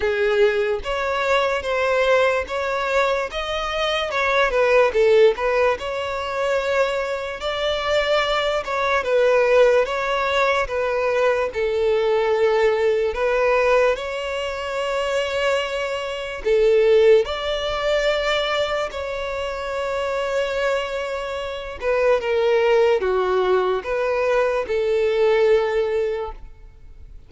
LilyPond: \new Staff \with { instrumentName = "violin" } { \time 4/4 \tempo 4 = 73 gis'4 cis''4 c''4 cis''4 | dis''4 cis''8 b'8 a'8 b'8 cis''4~ | cis''4 d''4. cis''8 b'4 | cis''4 b'4 a'2 |
b'4 cis''2. | a'4 d''2 cis''4~ | cis''2~ cis''8 b'8 ais'4 | fis'4 b'4 a'2 | }